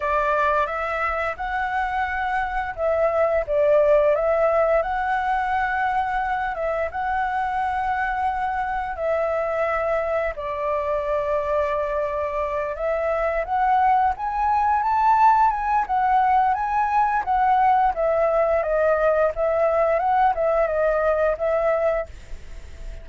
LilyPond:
\new Staff \with { instrumentName = "flute" } { \time 4/4 \tempo 4 = 87 d''4 e''4 fis''2 | e''4 d''4 e''4 fis''4~ | fis''4. e''8 fis''2~ | fis''4 e''2 d''4~ |
d''2~ d''8 e''4 fis''8~ | fis''8 gis''4 a''4 gis''8 fis''4 | gis''4 fis''4 e''4 dis''4 | e''4 fis''8 e''8 dis''4 e''4 | }